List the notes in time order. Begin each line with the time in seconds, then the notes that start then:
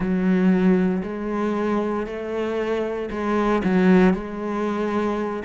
0.00 F#3
1.03 G#3
2.06 A3
3.10 G#3
3.64 F#3
4.13 G#3